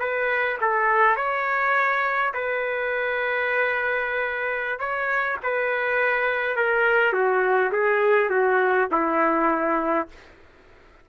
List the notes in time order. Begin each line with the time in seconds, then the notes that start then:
0.00 B4
0.61 A4
1.17 C#5
2.34 B4
4.80 C#5
5.43 B4
6.57 A#4
7.14 F#4
7.72 G#4
8.30 F#4
8.92 E4